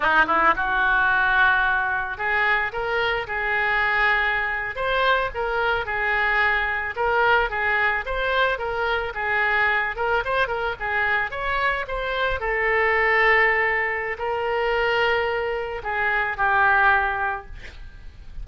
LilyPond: \new Staff \with { instrumentName = "oboe" } { \time 4/4 \tempo 4 = 110 dis'8 e'8 fis'2. | gis'4 ais'4 gis'2~ | gis'8. c''4 ais'4 gis'4~ gis'16~ | gis'8. ais'4 gis'4 c''4 ais'16~ |
ais'8. gis'4. ais'8 c''8 ais'8 gis'16~ | gis'8. cis''4 c''4 a'4~ a'16~ | a'2 ais'2~ | ais'4 gis'4 g'2 | }